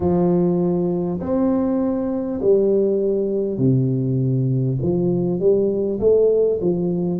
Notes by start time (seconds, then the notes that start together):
0.00 F3
1.20 C4
2.41 G3
3.58 C3
4.82 F3
5.39 G3
5.99 A3
6.61 F3